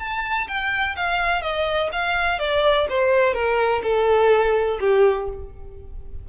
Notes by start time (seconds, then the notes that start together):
0.00 A5
0.48 G5
0.96 F5
1.42 D#5
1.93 F5
2.39 D5
2.90 C5
3.34 A#4
3.84 A4
4.81 G4